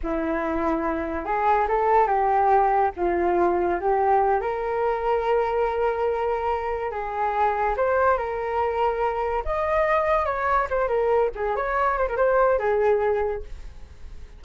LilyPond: \new Staff \with { instrumentName = "flute" } { \time 4/4 \tempo 4 = 143 e'2. gis'4 | a'4 g'2 f'4~ | f'4 g'4. ais'4.~ | ais'1~ |
ais'8 gis'2 c''4 ais'8~ | ais'2~ ais'8 dis''4.~ | dis''8 cis''4 c''8 ais'4 gis'8 cis''8~ | cis''8 c''16 ais'16 c''4 gis'2 | }